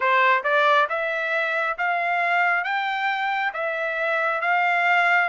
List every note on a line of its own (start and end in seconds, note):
0.00 0.43 C5
0.43 0.87 D5
0.89 1.77 E5
1.78 2.64 F5
2.64 3.52 G5
3.53 4.41 E5
4.41 5.29 F5